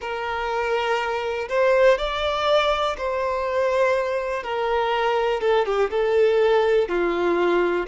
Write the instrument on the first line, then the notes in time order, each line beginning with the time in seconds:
violin
0.00 A#4
1.48 C5
1.98 D5
2.97 C5
4.43 A#4
5.41 A4
5.65 G4
5.90 A4
6.88 F4